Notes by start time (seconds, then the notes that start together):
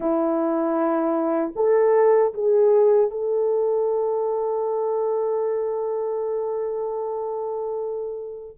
0.00 E4
1.55 A4
2.34 G#4
3.11 A4